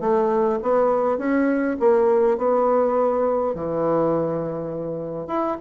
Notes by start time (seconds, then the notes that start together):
0.00 A3
0.62 B3
1.18 C#4
1.79 A#3
2.37 B3
3.55 E3
5.27 E4